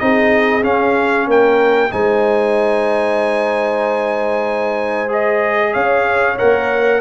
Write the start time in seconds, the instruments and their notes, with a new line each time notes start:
0.00 tuba C4, trombone D#4, horn G#4, trumpet D#5
0.63 trombone C#4, tuba C#4, trumpet F5
1.27 tuba A#3, horn A#4, trumpet G5
1.91 tuba G#3, trombone D#4, horn C5, trumpet G#5
5.09 trombone G#4, trumpet D#5
5.72 tuba C#4, horn C#5, trumpet F5
6.39 tuba A#3, trombone A#4, trumpet F#5